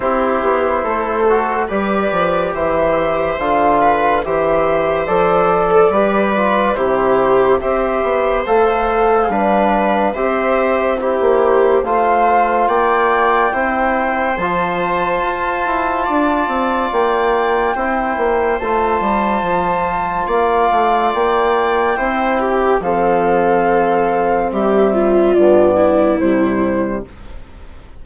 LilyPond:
<<
  \new Staff \with { instrumentName = "flute" } { \time 4/4 \tempo 4 = 71 c''2 d''4 e''4 | f''4 e''4 d''2 | c''4 e''4 f''2 | e''4 c''4 f''4 g''4~ |
g''4 a''2. | g''2 a''2 | f''4 g''2 f''4~ | f''4 e''4 d''4 c''4 | }
  \new Staff \with { instrumentName = "viola" } { \time 4/4 g'4 a'4 b'4 c''4~ | c''8 b'8 c''4.~ c''16 a'16 b'4 | g'4 c''2 b'4 | c''4 g'4 c''4 d''4 |
c''2. d''4~ | d''4 c''2. | d''2 c''8 g'8 a'4~ | a'4 g'8 f'4 e'4. | }
  \new Staff \with { instrumentName = "trombone" } { \time 4/4 e'4. fis'8 g'2 | f'4 g'4 a'4 g'8 f'8 | e'4 g'4 a'4 d'4 | g'4 e'4 f'2 |
e'4 f'2.~ | f'4 e'4 f'2~ | f'2 e'4 c'4~ | c'2 b4 g4 | }
  \new Staff \with { instrumentName = "bassoon" } { \time 4/4 c'8 b8 a4 g8 f8 e4 | d4 e4 f4 g4 | c4 c'8 b8 a4 g4 | c'4~ c'16 ais8. a4 ais4 |
c'4 f4 f'8 e'8 d'8 c'8 | ais4 c'8 ais8 a8 g8 f4 | ais8 a8 ais4 c'4 f4~ | f4 g4 g,4 c4 | }
>>